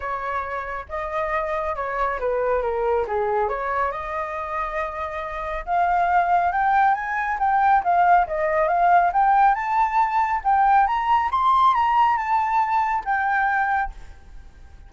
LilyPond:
\new Staff \with { instrumentName = "flute" } { \time 4/4 \tempo 4 = 138 cis''2 dis''2 | cis''4 b'4 ais'4 gis'4 | cis''4 dis''2.~ | dis''4 f''2 g''4 |
gis''4 g''4 f''4 dis''4 | f''4 g''4 a''2 | g''4 ais''4 c'''4 ais''4 | a''2 g''2 | }